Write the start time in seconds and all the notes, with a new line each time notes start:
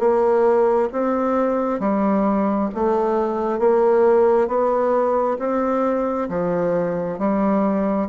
0.00 A#3
0.93 C4
1.80 G3
2.75 A3
3.60 A#3
4.49 B3
5.39 C4
6.30 F3
7.19 G3